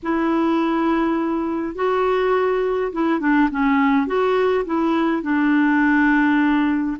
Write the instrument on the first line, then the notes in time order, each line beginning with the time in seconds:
clarinet
0.02 E4
1.75 F#4
2.92 E4
3.20 D4
3.50 C#4
4.06 F#4
4.65 E4
5.22 D4